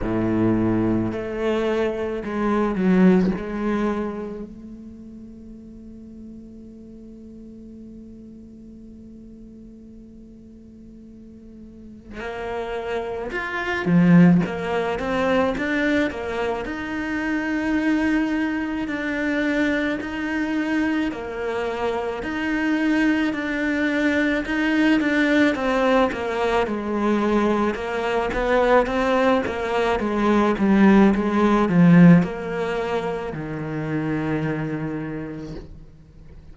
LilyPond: \new Staff \with { instrumentName = "cello" } { \time 4/4 \tempo 4 = 54 a,4 a4 gis8 fis8 gis4 | a1~ | a2. ais4 | f'8 f8 ais8 c'8 d'8 ais8 dis'4~ |
dis'4 d'4 dis'4 ais4 | dis'4 d'4 dis'8 d'8 c'8 ais8 | gis4 ais8 b8 c'8 ais8 gis8 g8 | gis8 f8 ais4 dis2 | }